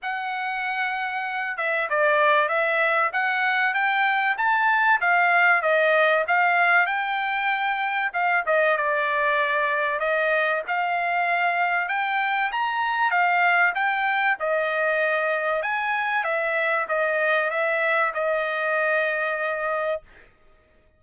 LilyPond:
\new Staff \with { instrumentName = "trumpet" } { \time 4/4 \tempo 4 = 96 fis''2~ fis''8 e''8 d''4 | e''4 fis''4 g''4 a''4 | f''4 dis''4 f''4 g''4~ | g''4 f''8 dis''8 d''2 |
dis''4 f''2 g''4 | ais''4 f''4 g''4 dis''4~ | dis''4 gis''4 e''4 dis''4 | e''4 dis''2. | }